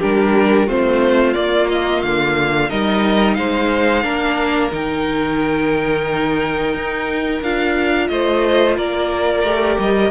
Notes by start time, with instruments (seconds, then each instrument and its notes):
0.00 cello G3, viola D4, violin G4 A#4
0.67 cello A3, viola C4, violin F4 C5
1.34 viola A#3, cello A#3, violin D5
1.69 violin D#5
2.03 cello D3, violin F5
2.69 cello G3, viola D#4, violin A#4 D#5
3.35 cello G#3, violin C5 F5
4.04 cello A#3, viola D4, violin A#4
4.72 cello D#3, viola D#4, violin G5
6.74 cello D#4
7.42 cello D4, viola F4, violin F5
8.08 cello A3, violin C5 D#5
8.77 cello A#3, violin A#4 D5
9.44 cello A3, viola G4
9.79 cello G3, violin D#5